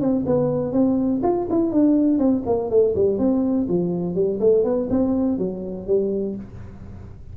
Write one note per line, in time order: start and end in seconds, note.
0.00 0.24 C4
0.26 0.73 B3
0.73 1.21 C4
1.23 1.47 F4
1.50 1.72 E4
1.72 2.18 D4
2.18 2.43 C4
2.46 2.70 A#3
2.70 2.94 A3
2.95 3.18 G3
3.18 3.67 C4
3.69 4.15 F3
4.15 4.39 G3
4.40 4.64 A3
4.64 4.88 B3
4.90 5.38 C4
5.38 5.87 F#3
5.87 6.35 G3